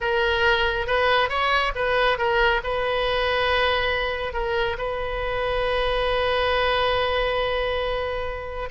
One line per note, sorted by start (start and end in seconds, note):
0.00 0.87 A#4
0.87 1.29 B4
1.29 1.72 C#5
1.75 2.17 B4
2.17 2.61 A#4
2.63 4.33 B4
4.33 4.76 A#4
4.78 8.69 B4